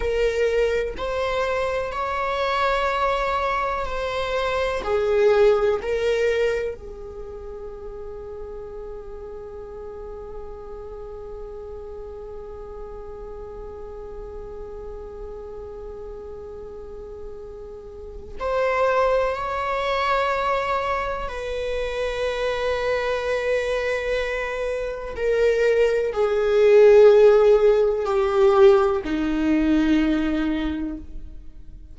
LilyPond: \new Staff \with { instrumentName = "viola" } { \time 4/4 \tempo 4 = 62 ais'4 c''4 cis''2 | c''4 gis'4 ais'4 gis'4~ | gis'1~ | gis'1~ |
gis'2. c''4 | cis''2 b'2~ | b'2 ais'4 gis'4~ | gis'4 g'4 dis'2 | }